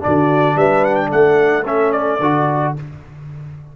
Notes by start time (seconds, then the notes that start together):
0.00 D4 F#4 D5
0.06 D3
0.56 G3 B4 E5
0.85 F#5
0.95 G5
1.08 A3 A4 F#5
1.66 C#4 E5
1.92 D5
2.20 D3 F#4